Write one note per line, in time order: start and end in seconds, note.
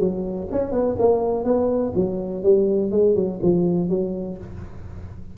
0.00 0.48 F#3
0.52 0.72 C#4
0.72 0.96 B3
0.99 1.45 A#3
1.45 1.93 B3
1.96 2.44 F#3
2.44 2.92 G3
2.92 3.16 G#3
3.16 3.40 F#3
3.43 3.90 F3
3.90 4.38 F#3